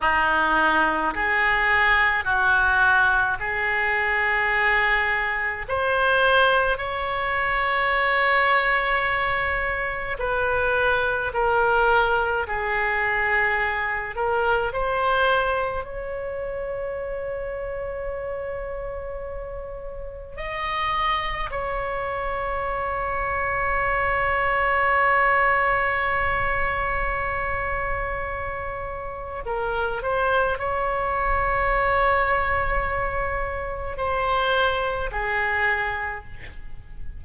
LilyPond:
\new Staff \with { instrumentName = "oboe" } { \time 4/4 \tempo 4 = 53 dis'4 gis'4 fis'4 gis'4~ | gis'4 c''4 cis''2~ | cis''4 b'4 ais'4 gis'4~ | gis'8 ais'8 c''4 cis''2~ |
cis''2 dis''4 cis''4~ | cis''1~ | cis''2 ais'8 c''8 cis''4~ | cis''2 c''4 gis'4 | }